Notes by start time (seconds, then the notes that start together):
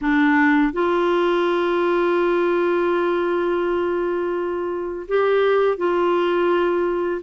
0.01 D4
0.73 F4
5.08 G4
5.77 F4